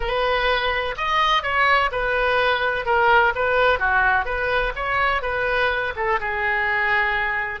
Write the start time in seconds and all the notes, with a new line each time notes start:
0.00 B4
0.97 D#5
1.42 C#5
1.91 B4
2.85 A#4
3.35 B4
3.79 F#4
4.25 B4
4.75 C#5
5.22 B4
5.95 A4
6.19 G#4